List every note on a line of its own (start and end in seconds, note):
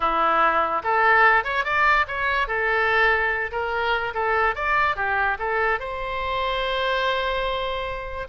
0.00 0.82 E4
0.83 1.44 A4
1.44 1.64 C#5
1.64 2.05 D5
2.07 2.47 C#5
2.47 3.51 A4
3.51 4.13 A#4
4.14 4.55 A4
4.55 4.96 D5
4.96 5.37 G4
5.38 5.79 A4
5.79 8.28 C5